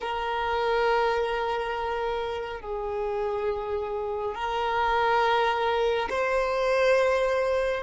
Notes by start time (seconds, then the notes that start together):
0.00 A#4
2.60 G#4
4.34 A#4
6.09 C5